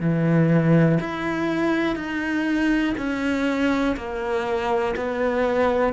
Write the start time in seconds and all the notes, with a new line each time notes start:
0.00 E3
1.00 E4
1.96 D#4
2.97 C#4
3.97 A#3
4.96 B3